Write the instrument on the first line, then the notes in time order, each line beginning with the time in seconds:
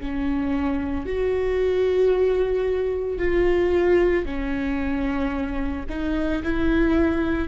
viola
0.00 C#4
1.06 F#4
3.19 F4
4.26 C#4
5.89 D#4
6.44 E4